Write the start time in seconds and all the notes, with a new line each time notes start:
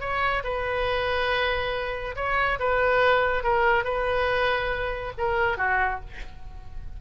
0.00 C#5
0.44 B4
2.16 C#5
2.59 B4
3.43 A#4
3.84 B4
5.18 A#4
5.57 F#4